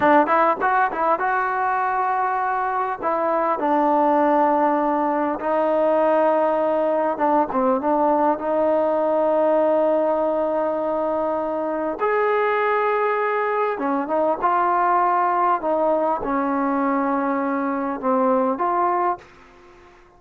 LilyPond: \new Staff \with { instrumentName = "trombone" } { \time 4/4 \tempo 4 = 100 d'8 e'8 fis'8 e'8 fis'2~ | fis'4 e'4 d'2~ | d'4 dis'2. | d'8 c'8 d'4 dis'2~ |
dis'1 | gis'2. cis'8 dis'8 | f'2 dis'4 cis'4~ | cis'2 c'4 f'4 | }